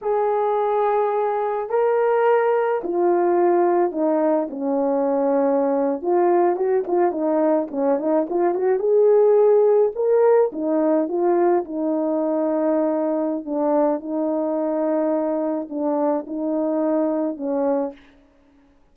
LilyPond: \new Staff \with { instrumentName = "horn" } { \time 4/4 \tempo 4 = 107 gis'2. ais'4~ | ais'4 f'2 dis'4 | cis'2~ cis'8. f'4 fis'16~ | fis'16 f'8 dis'4 cis'8 dis'8 f'8 fis'8 gis'16~ |
gis'4.~ gis'16 ais'4 dis'4 f'16~ | f'8. dis'2.~ dis'16 | d'4 dis'2. | d'4 dis'2 cis'4 | }